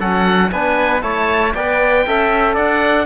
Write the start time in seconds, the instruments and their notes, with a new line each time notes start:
0.00 cello F#3, trombone C#4, trumpet A4, oboe F#5
0.52 cello B3, trombone D4, trumpet B4, oboe G#5
1.02 cello A3, trombone E4, trumpet C#5, oboe A5
1.55 cello B3, trombone B4, trumpet D5, oboe G5
2.07 cello C#4, trombone A4, trumpet E5
2.54 cello D4, trumpet D5, oboe F#5